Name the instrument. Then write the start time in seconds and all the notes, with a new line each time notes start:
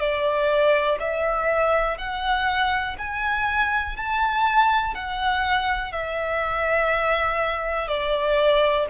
violin
0.00 D5
1.00 E5
1.98 F#5
2.98 G#5
3.97 A5
4.95 F#5
5.92 E5
7.88 D5